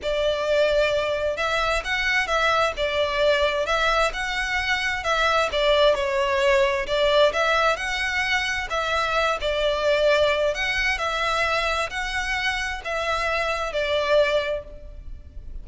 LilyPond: \new Staff \with { instrumentName = "violin" } { \time 4/4 \tempo 4 = 131 d''2. e''4 | fis''4 e''4 d''2 | e''4 fis''2 e''4 | d''4 cis''2 d''4 |
e''4 fis''2 e''4~ | e''8 d''2~ d''8 fis''4 | e''2 fis''2 | e''2 d''2 | }